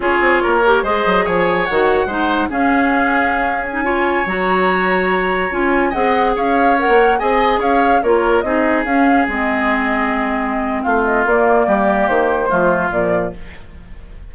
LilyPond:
<<
  \new Staff \with { instrumentName = "flute" } { \time 4/4 \tempo 4 = 144 cis''2 dis''4 gis''4 | fis''2 f''2~ | f''8. gis''4. ais''4.~ ais''16~ | ais''4~ ais''16 gis''4 fis''4 f''8.~ |
f''16 fis''4 gis''4 f''4 cis''8.~ | cis''16 dis''4 f''4 dis''4.~ dis''16~ | dis''2 f''8 dis''8 d''4~ | d''4 c''2 d''4 | }
  \new Staff \with { instrumentName = "oboe" } { \time 4/4 gis'4 ais'4 c''4 cis''4~ | cis''4 c''4 gis'2~ | gis'4~ gis'16 cis''2~ cis''8.~ | cis''2~ cis''16 dis''4 cis''8.~ |
cis''4~ cis''16 dis''4 cis''4 ais'8.~ | ais'16 gis'2.~ gis'8.~ | gis'2 f'2 | g'2 f'2 | }
  \new Staff \with { instrumentName = "clarinet" } { \time 4/4 f'4. g'8 gis'2 | fis'4 dis'4 cis'2~ | cis'4 dis'16 f'4 fis'4.~ fis'16~ | fis'4~ fis'16 f'4 gis'4.~ gis'16~ |
gis'16 ais'4 gis'2 f'8.~ | f'16 dis'4 cis'4 c'4.~ c'16~ | c'2. ais4~ | ais2 a4 f4 | }
  \new Staff \with { instrumentName = "bassoon" } { \time 4/4 cis'8 c'8 ais4 gis8 fis8 f4 | dis4 gis4 cis'2~ | cis'2~ cis'16 fis4.~ fis16~ | fis4~ fis16 cis'4 c'4 cis'8.~ |
cis'8 ais8. c'4 cis'4 ais8.~ | ais16 c'4 cis'4 gis4.~ gis16~ | gis2 a4 ais4 | g4 dis4 f4 ais,4 | }
>>